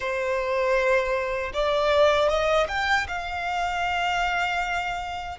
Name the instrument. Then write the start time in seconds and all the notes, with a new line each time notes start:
violin
0.00 C5
1.53 D5
2.29 D#5
2.68 G5
3.08 F5